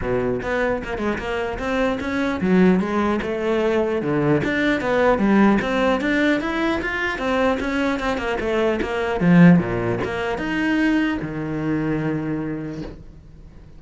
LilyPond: \new Staff \with { instrumentName = "cello" } { \time 4/4 \tempo 4 = 150 b,4 b4 ais8 gis8 ais4 | c'4 cis'4 fis4 gis4 | a2 d4 d'4 | b4 g4 c'4 d'4 |
e'4 f'4 c'4 cis'4 | c'8 ais8 a4 ais4 f4 | ais,4 ais4 dis'2 | dis1 | }